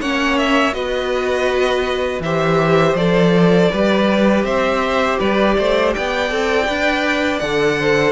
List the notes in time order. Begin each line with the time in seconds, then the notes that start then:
0.00 A#3 C#4 C#5 F#5
0.38 E5
0.72 B3 F#4 B4 D#5
2.19 E3 G4 C5 E5
2.95 F3 A4 D5
3.71 G3 G4 B4
4.44 C4 C5 E5
5.19 G3 B4 D5
5.58 A3 C5
5.93 B3 D5 G5
6.29 C4 A4
6.66 D4 B4
7.38 D3 A4 F#5
7.79 C5